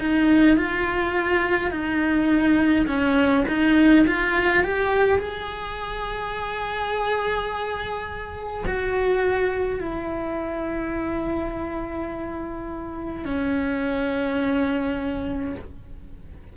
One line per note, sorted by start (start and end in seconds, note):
0.00 0.57 D#4
0.57 1.72 F4
1.72 2.87 D#4
2.87 3.45 C#4
3.49 4.06 D#4
4.07 4.64 F4
4.64 5.19 G4
5.19 8.65 G#4
8.67 9.80 F#4
9.80 13.25 E4
13.25 15.56 C#4